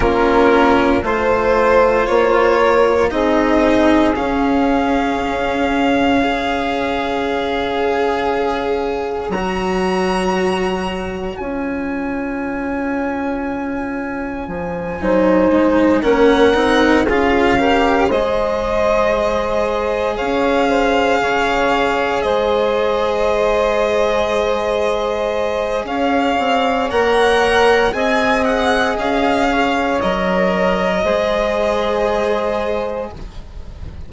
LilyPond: <<
  \new Staff \with { instrumentName = "violin" } { \time 4/4 \tempo 4 = 58 ais'4 c''4 cis''4 dis''4 | f''1~ | f''4 ais''2 gis''4~ | gis''2.~ gis''8 fis''8~ |
fis''8 f''4 dis''2 f''8~ | f''4. dis''2~ dis''8~ | dis''4 f''4 fis''4 gis''8 fis''8 | f''4 dis''2. | }
  \new Staff \with { instrumentName = "saxophone" } { \time 4/4 f'4 c''4. ais'8 gis'4~ | gis'2 cis''2~ | cis''1~ | cis''2~ cis''8 c''4 ais'8~ |
ais'8 gis'8 ais'8 c''2 cis''8 | c''8 cis''4 c''2~ c''8~ | c''4 cis''2 dis''4~ | dis''8 cis''4. c''2 | }
  \new Staff \with { instrumentName = "cello" } { \time 4/4 cis'4 f'2 dis'4 | cis'2 gis'2~ | gis'4 fis'2 f'4~ | f'2~ f'8 dis'4 cis'8 |
dis'8 f'8 g'8 gis'2~ gis'8~ | gis'1~ | gis'2 ais'4 gis'4~ | gis'4 ais'4 gis'2 | }
  \new Staff \with { instrumentName = "bassoon" } { \time 4/4 ais4 a4 ais4 c'4 | cis'1~ | cis'4 fis2 cis'4~ | cis'2 f8 fis8 gis8 ais8 |
c'8 cis'4 gis2 cis'8~ | cis'8 cis4 gis2~ gis8~ | gis4 cis'8 c'8 ais4 c'4 | cis'4 fis4 gis2 | }
>>